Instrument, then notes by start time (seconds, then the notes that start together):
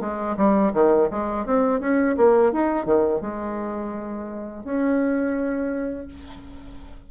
bassoon
0.00 G#3
0.37 G3
0.73 D#3
1.10 G#3
1.45 C4
1.80 C#4
2.17 A#3
2.52 D#4
2.85 D#3
3.21 G#3
4.64 C#4